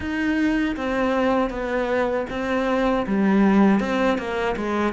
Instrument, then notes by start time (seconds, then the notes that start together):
cello
0.00 D#4
0.76 C4
1.50 B3
2.30 C4
3.07 G3
3.80 C4
4.17 A#3
4.56 G#3